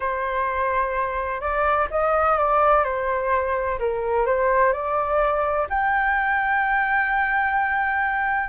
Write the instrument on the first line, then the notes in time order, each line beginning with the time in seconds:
flute
0.00 C5
1.40 D5
1.90 D#5
2.38 D5
2.84 C5
3.79 A#4
4.25 C5
4.72 D5
5.69 G5